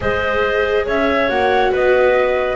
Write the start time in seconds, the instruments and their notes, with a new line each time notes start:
0.00 double bass G#3, viola G#4, clarinet C5, flute D#5
0.86 double bass C#4, clarinet C#5, flute E5
1.28 double bass A#3, viola F#4, flute F#5
1.71 double bass B3, clarinet B4, flute D#5